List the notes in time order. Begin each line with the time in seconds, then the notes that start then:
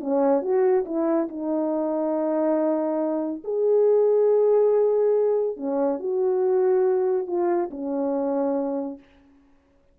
0.00 C#4
0.42 F#4
0.85 E4
1.29 D#4
3.44 G#4
5.57 C#4
5.99 F#4
7.27 F4
7.70 C#4